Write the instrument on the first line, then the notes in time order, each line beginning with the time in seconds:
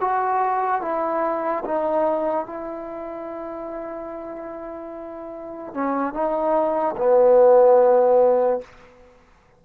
trombone
0.00 F#4
0.81 E4
1.64 D#4
2.45 E4
5.73 C#4
6.13 D#4
6.96 B3